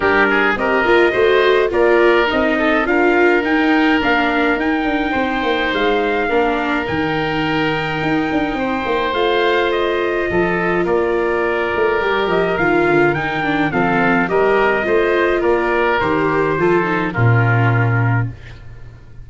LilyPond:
<<
  \new Staff \with { instrumentName = "trumpet" } { \time 4/4 \tempo 4 = 105 ais'4 dis''2 d''4 | dis''4 f''4 g''4 f''4 | g''2 f''2 | g''1 |
f''4 dis''2 d''4~ | d''4. dis''8 f''4 g''4 | f''4 dis''2 d''4 | c''2 ais'2 | }
  \new Staff \with { instrumentName = "oboe" } { \time 4/4 g'8 gis'8 ais'4 c''4 ais'4~ | ais'8 a'8 ais'2.~ | ais'4 c''2 ais'4~ | ais'2. c''4~ |
c''2 a'4 ais'4~ | ais'1 | a'4 ais'4 c''4 ais'4~ | ais'4 a'4 f'2 | }
  \new Staff \with { instrumentName = "viola" } { \time 4/4 d'4 g'8 f'8 fis'4 f'4 | dis'4 f'4 dis'4 d'4 | dis'2. d'4 | dis'1 |
f'1~ | f'4 g'4 f'4 dis'8 d'8 | c'4 g'4 f'2 | g'4 f'8 dis'8 cis'2 | }
  \new Staff \with { instrumentName = "tuba" } { \time 4/4 g4 c'8 ais8 a4 ais4 | c'4 d'4 dis'4 ais4 | dis'8 d'8 c'8 ais8 gis4 ais4 | dis2 dis'8 d'8 c'8 ais8 |
a2 f4 ais4~ | ais8 a8 g8 f8 dis8 d8 dis4 | f4 g4 a4 ais4 | dis4 f4 ais,2 | }
>>